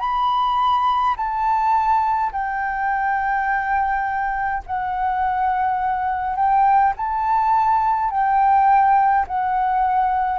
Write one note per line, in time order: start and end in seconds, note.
0.00 1.15 B5
1.16 2.32 A5
2.32 4.63 G5
4.66 6.36 F#5
6.36 6.93 G5
6.97 8.10 A5
8.10 9.26 G5
9.27 10.39 F#5